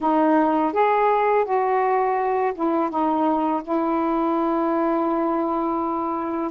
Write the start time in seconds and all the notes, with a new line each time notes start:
0.00 D#4
0.73 G#4
1.44 F#4
2.54 E4
2.89 D#4
3.63 E4